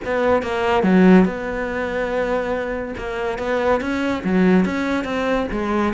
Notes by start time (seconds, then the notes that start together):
0.04 B3
0.42 A#3
0.83 F#3
1.25 B3
2.97 A#3
3.38 B3
3.80 C#4
4.24 F#3
4.65 C#4
5.04 C4
5.51 G#3